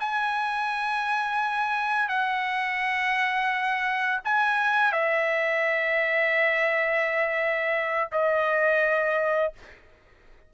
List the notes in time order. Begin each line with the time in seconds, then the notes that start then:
0.00 G#5
2.09 F#5
4.25 G#5
4.93 E5
8.12 D#5